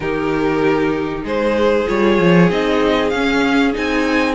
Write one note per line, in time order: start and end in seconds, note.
0.00 1.22 D#3
0.00 1.87 D#4
0.00 1.23 G4
0.00 1.24 A#4
1.23 1.87 G#3
1.23 4.35 G#4
1.23 1.88 C5
1.87 2.19 G3
1.87 2.49 F4
1.87 2.51 C#5
2.19 2.50 F3
2.49 3.12 C4
2.49 3.12 D#4
2.49 3.09 D#5
3.09 3.74 C#4
3.09 3.73 C#4
3.09 3.72 F5
3.73 4.35 C4
3.73 4.35 D#4
3.73 4.35 G#5